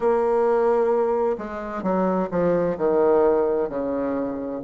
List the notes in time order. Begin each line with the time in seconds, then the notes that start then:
0.00 A#3
1.38 G#3
1.82 F#3
2.30 F3
2.77 D#3
3.69 C#3